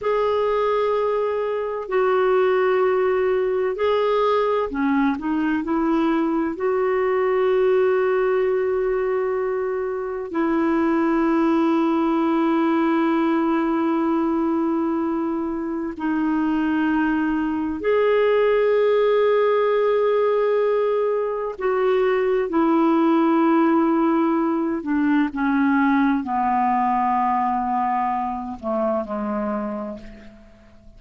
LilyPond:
\new Staff \with { instrumentName = "clarinet" } { \time 4/4 \tempo 4 = 64 gis'2 fis'2 | gis'4 cis'8 dis'8 e'4 fis'4~ | fis'2. e'4~ | e'1~ |
e'4 dis'2 gis'4~ | gis'2. fis'4 | e'2~ e'8 d'8 cis'4 | b2~ b8 a8 gis4 | }